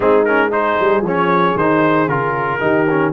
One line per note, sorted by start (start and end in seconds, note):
0.00 0.78 G#3
0.00 0.24 C4
0.00 0.50 D#4
0.00 0.24 G#4
0.24 0.51 C#4
0.24 0.50 A#4
0.51 1.03 D#4
0.51 2.60 G#4
0.51 1.04 C5
0.79 1.01 G3
1.01 1.53 F3
1.01 1.58 C#4
1.01 1.57 C#5
1.56 2.07 D#3
1.56 2.08 D#4
1.56 2.08 C5
2.07 2.59 C#3
2.07 2.60 F4
2.07 3.13 A#4
2.60 3.13 D#3
2.60 2.86 D#4
2.60 3.13 G4
2.89 3.13 C#4